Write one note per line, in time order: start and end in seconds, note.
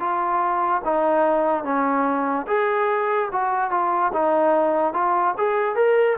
0.00 0.82 F4
0.85 1.64 D#4
1.64 2.46 C#4
2.47 3.30 G#4
3.32 3.71 F#4
3.71 4.12 F4
4.13 4.94 D#4
4.94 5.35 F4
5.38 5.76 G#4
5.76 6.17 A#4